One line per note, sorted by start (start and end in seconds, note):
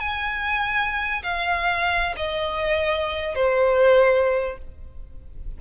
0.00 1.22 G#5
1.23 2.15 F5
2.17 3.35 D#5
3.35 4.58 C5